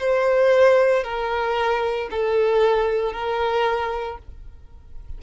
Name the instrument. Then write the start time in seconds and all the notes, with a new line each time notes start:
violin
0.00 C5
1.04 A#4
2.11 A4
3.13 A#4